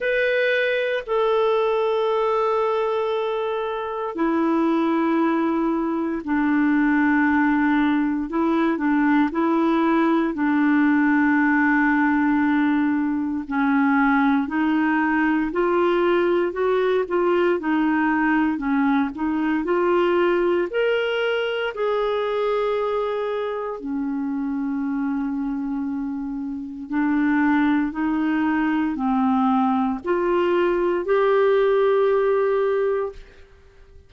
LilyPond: \new Staff \with { instrumentName = "clarinet" } { \time 4/4 \tempo 4 = 58 b'4 a'2. | e'2 d'2 | e'8 d'8 e'4 d'2~ | d'4 cis'4 dis'4 f'4 |
fis'8 f'8 dis'4 cis'8 dis'8 f'4 | ais'4 gis'2 cis'4~ | cis'2 d'4 dis'4 | c'4 f'4 g'2 | }